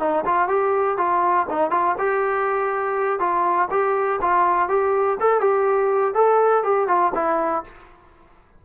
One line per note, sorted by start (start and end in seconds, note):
0.00 0.25 D#4
0.26 0.49 F4
0.49 0.98 G4
0.98 1.47 F4
1.50 1.71 D#4
1.71 1.96 F4
1.99 3.20 G4
3.20 3.69 F4
3.71 4.20 G4
4.22 4.69 F4
4.69 5.18 G4
5.20 5.41 A4
5.41 6.15 G4
6.15 6.64 A4
6.64 6.88 G4
6.88 7.13 F4
7.15 7.64 E4